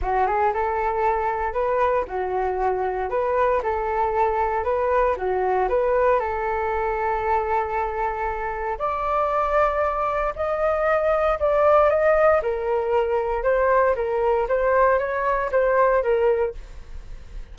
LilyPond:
\new Staff \with { instrumentName = "flute" } { \time 4/4 \tempo 4 = 116 fis'8 gis'8 a'2 b'4 | fis'2 b'4 a'4~ | a'4 b'4 fis'4 b'4 | a'1~ |
a'4 d''2. | dis''2 d''4 dis''4 | ais'2 c''4 ais'4 | c''4 cis''4 c''4 ais'4 | }